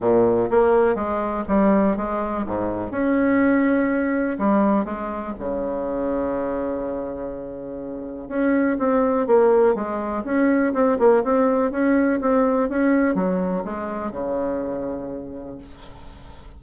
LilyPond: \new Staff \with { instrumentName = "bassoon" } { \time 4/4 \tempo 4 = 123 ais,4 ais4 gis4 g4 | gis4 gis,4 cis'2~ | cis'4 g4 gis4 cis4~ | cis1~ |
cis4 cis'4 c'4 ais4 | gis4 cis'4 c'8 ais8 c'4 | cis'4 c'4 cis'4 fis4 | gis4 cis2. | }